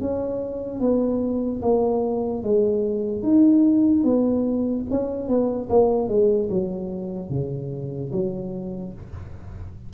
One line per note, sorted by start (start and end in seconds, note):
0.00 0.80 C#4
0.80 1.61 B3
1.62 2.43 A#3
2.43 3.22 G#3
3.22 4.04 D#4
4.04 4.85 B3
4.90 5.28 C#4
5.28 5.69 B3
5.69 6.08 A#3
6.08 6.49 G#3
6.49 7.30 F#3
7.30 8.11 C#3
8.12 8.93 F#3